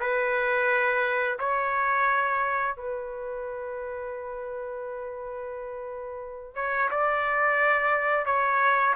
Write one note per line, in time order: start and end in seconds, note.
0.00 1.38 B4
1.39 2.76 C#5
2.76 6.55 B4
6.55 6.90 C#5
6.91 8.26 D5
8.26 8.95 C#5